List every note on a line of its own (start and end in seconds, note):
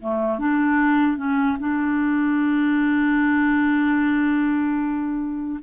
0.00 0.39 A3
0.39 1.17 D4
1.17 1.57 C#4
1.59 5.59 D4